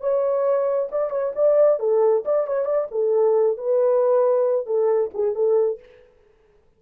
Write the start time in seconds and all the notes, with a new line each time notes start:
0.00 C#5
0.91 D5
1.10 C#5
1.35 D5
1.79 A4
2.25 D5
2.47 C#5
2.65 D5
2.91 A4
3.57 B4
4.66 A4
5.14 G#4
5.35 A4